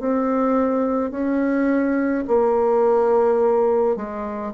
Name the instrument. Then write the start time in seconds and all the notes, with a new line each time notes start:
bassoon
0.00 C4
1.11 C#4
2.27 A#3
3.96 G#3